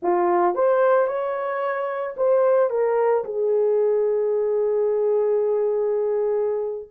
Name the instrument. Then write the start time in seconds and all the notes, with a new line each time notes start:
horn
0.02 F4
0.54 C5
1.07 C#5
2.16 C5
2.70 A#4
3.24 G#4